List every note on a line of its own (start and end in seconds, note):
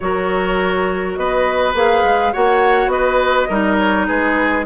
0.00 1.17 F#3
0.00 1.75 F#4
0.00 1.18 A#4
0.00 1.14 C#5
1.15 1.73 B3
1.15 2.32 B4
1.15 1.73 D#5
1.73 2.03 A#3
1.73 2.33 G#4
1.73 2.33 F5
2.03 2.32 G#3
2.32 2.87 A#3
2.32 3.49 F#4
2.32 2.91 C#5
2.32 2.89 F#5
2.87 3.45 B3
2.87 3.48 B4
2.87 3.76 D#5
3.48 4.08 G3
3.48 4.65 D#4
3.48 4.06 A#4
3.77 4.06 C#5
4.07 4.65 G#3
4.07 4.65 G#4
4.07 4.65 B4